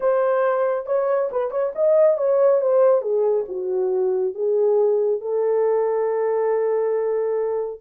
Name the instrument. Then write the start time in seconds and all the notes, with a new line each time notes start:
horn
0.00 C5
0.86 C#5
1.31 B4
1.50 C#5
1.75 D#5
2.17 C#5
2.61 C5
3.01 G#4
3.48 F#4
4.34 G#4
5.21 A4